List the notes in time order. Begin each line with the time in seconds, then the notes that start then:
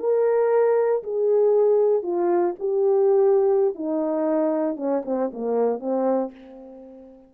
0.00 A#4
1.04 G#4
2.03 F4
2.60 G4
3.75 D#4
4.77 C#4
5.05 C4
5.33 A#3
5.80 C4